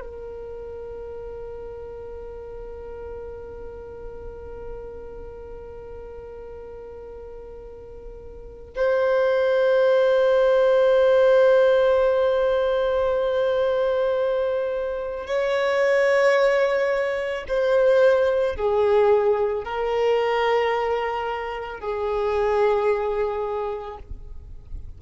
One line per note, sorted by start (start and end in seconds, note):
0.00 8.73 A#4
8.76 15.26 C5
15.26 17.44 C#5
17.48 18.56 C5
18.56 19.64 G#4
19.64 21.79 A#4
21.79 23.98 G#4